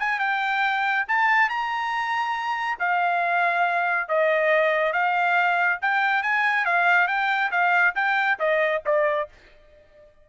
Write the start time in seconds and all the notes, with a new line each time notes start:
0.00 G#5
0.20 G5
1.08 A5
1.50 A#5
2.80 F5
4.09 D#5
4.93 F5
5.82 G5
6.23 G#5
6.66 F5
7.08 G5
7.51 F5
7.96 G5
8.40 D#5
8.86 D5